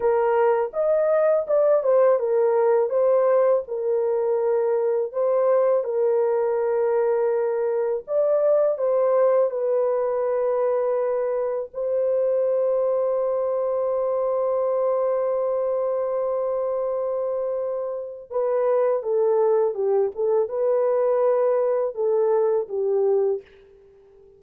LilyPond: \new Staff \with { instrumentName = "horn" } { \time 4/4 \tempo 4 = 82 ais'4 dis''4 d''8 c''8 ais'4 | c''4 ais'2 c''4 | ais'2. d''4 | c''4 b'2. |
c''1~ | c''1~ | c''4 b'4 a'4 g'8 a'8 | b'2 a'4 g'4 | }